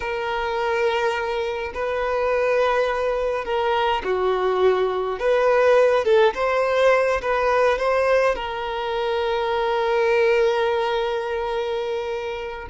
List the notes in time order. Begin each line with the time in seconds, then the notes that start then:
0.00 A#4
1.73 B4
3.45 A#4
4.04 F#4
5.19 B4
6.04 A4
6.34 C5
7.21 B4
7.78 C5
8.35 A#4